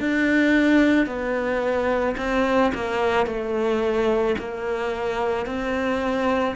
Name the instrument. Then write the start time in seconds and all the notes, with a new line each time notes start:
cello
0.00 D4
1.07 B3
2.17 C4
2.74 A#3
3.26 A3
4.38 A#3
5.46 C4